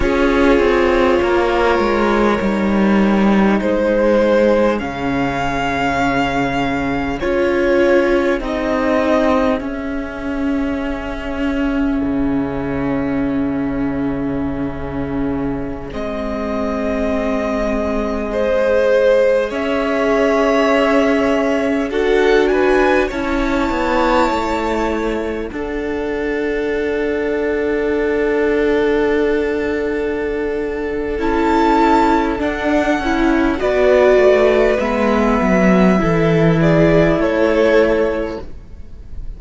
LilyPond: <<
  \new Staff \with { instrumentName = "violin" } { \time 4/4 \tempo 4 = 50 cis''2. c''4 | f''2 cis''4 dis''4 | e''1~ | e''4~ e''16 dis''2~ dis''8.~ |
dis''16 e''2 fis''8 gis''8 a''8.~ | a''4~ a''16 fis''2~ fis''8.~ | fis''2 a''4 fis''4 | d''4 e''4. d''8 cis''4 | }
  \new Staff \with { instrumentName = "violin" } { \time 4/4 gis'4 ais'2 gis'4~ | gis'1~ | gis'1~ | gis'2.~ gis'16 c''8.~ |
c''16 cis''2 a'8 b'8 cis''8.~ | cis''4~ cis''16 a'2~ a'8.~ | a'1 | b'2 a'8 gis'8 a'4 | }
  \new Staff \with { instrumentName = "viola" } { \time 4/4 f'2 dis'2 | cis'2 f'4 dis'4 | cis'1~ | cis'4~ cis'16 c'2 gis'8.~ |
gis'2~ gis'16 fis'4 e'8.~ | e'4~ e'16 d'2~ d'8.~ | d'2 e'4 d'8 e'8 | fis'4 b4 e'2 | }
  \new Staff \with { instrumentName = "cello" } { \time 4/4 cis'8 c'8 ais8 gis8 g4 gis4 | cis2 cis'4 c'4 | cis'2 cis2~ | cis4~ cis16 gis2~ gis8.~ |
gis16 cis'2 d'4 cis'8 b16~ | b16 a4 d'2~ d'8.~ | d'2 cis'4 d'8 cis'8 | b8 a8 gis8 fis8 e4 a4 | }
>>